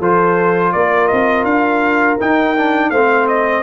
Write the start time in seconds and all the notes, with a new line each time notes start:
0.00 F3 F4 A4 C5
0.73 A#3 A#4 D5
1.08 C4 D#5
1.44 D4 F5
2.20 D#4 G5
2.58 D4
2.91 A3 C4 C5 F5
3.28 D#5